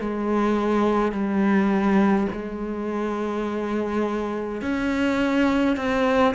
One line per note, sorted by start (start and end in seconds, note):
0.00 1.12 G#3
1.12 2.27 G3
2.32 4.62 G#3
4.62 5.76 C#4
5.76 6.34 C4